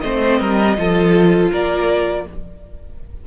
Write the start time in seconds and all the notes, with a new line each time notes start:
0.00 A3 C4 C5 D#5
0.40 G3 A#4
0.77 F3 F4 A4
1.51 A#3 A#4 D5